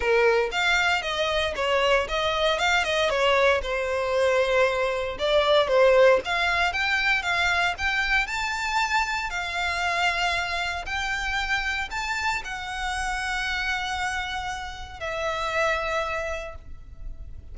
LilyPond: \new Staff \with { instrumentName = "violin" } { \time 4/4 \tempo 4 = 116 ais'4 f''4 dis''4 cis''4 | dis''4 f''8 dis''8 cis''4 c''4~ | c''2 d''4 c''4 | f''4 g''4 f''4 g''4 |
a''2 f''2~ | f''4 g''2 a''4 | fis''1~ | fis''4 e''2. | }